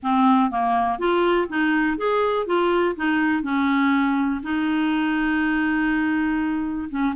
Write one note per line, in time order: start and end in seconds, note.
0.02 0.51 C4
0.51 0.99 A#3
0.99 1.48 F4
1.48 1.97 D#4
1.97 2.46 G#4
2.46 2.95 F4
2.96 3.42 D#4
3.42 4.41 C#4
4.42 6.88 D#4
6.89 7.14 C#4